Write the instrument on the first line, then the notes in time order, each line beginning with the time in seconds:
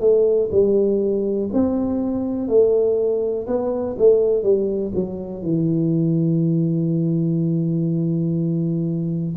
tuba
0.00 A3
0.51 G3
1.53 C4
2.48 A3
3.47 B3
3.98 A3
4.43 G3
4.94 F#3
5.42 E3